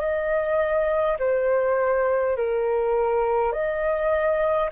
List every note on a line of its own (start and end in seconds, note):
0.00 1.18 D#5
1.19 2.37 C5
2.37 3.52 A#4
3.52 4.70 D#5